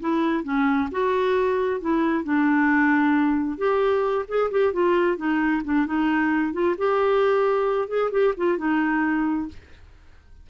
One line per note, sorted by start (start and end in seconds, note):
0.00 0.43 E4
0.43 0.89 C#4
0.91 1.80 F#4
1.80 2.24 E4
2.24 3.58 D4
3.58 4.25 G4
4.28 4.51 G#4
4.51 4.73 G4
4.73 5.17 F4
5.17 5.62 D#4
5.64 5.86 D4
5.86 6.53 D#4
6.53 6.75 F4
6.78 7.88 G4
7.88 8.10 G#4
8.11 8.34 G4
8.37 8.58 F4
8.58 9.48 D#4